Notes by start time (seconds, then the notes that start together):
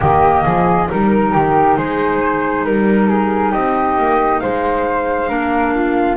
0.00 D#3 A#3 G4 D#5
0.43 F3 G#4
0.87 G3 D#4 A#4
1.32 D#3 G4
1.76 G#3 G#4 C5
2.64 G3 A#4
3.08 G#4
3.51 C4 G4 D#5
3.97 A#3
4.40 G#3 C5 F5
5.28 A#3 D4 A#4
5.74 F4